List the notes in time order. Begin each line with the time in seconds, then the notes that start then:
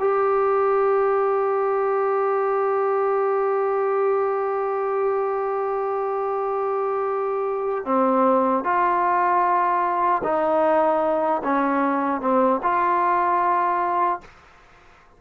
0.00 G4
7.85 C4
8.64 F4
10.24 D#4
11.44 C#4
12.21 C4
12.63 F4